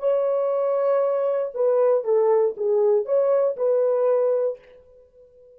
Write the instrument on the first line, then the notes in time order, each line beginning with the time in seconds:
horn
0.00 C#5
1.55 B4
2.05 A4
2.57 G#4
3.06 C#5
3.57 B4